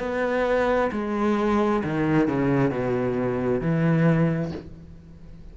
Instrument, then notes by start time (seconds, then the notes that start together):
cello
0.00 B3
0.93 G#3
1.84 D#3
2.28 C#3
2.71 B2
3.62 E3